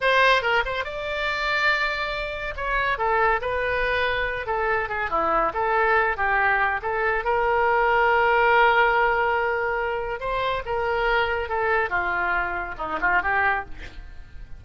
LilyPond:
\new Staff \with { instrumentName = "oboe" } { \time 4/4 \tempo 4 = 141 c''4 ais'8 c''8 d''2~ | d''2 cis''4 a'4 | b'2~ b'8 a'4 gis'8 | e'4 a'4. g'4. |
a'4 ais'2.~ | ais'1 | c''4 ais'2 a'4 | f'2 dis'8 f'8 g'4 | }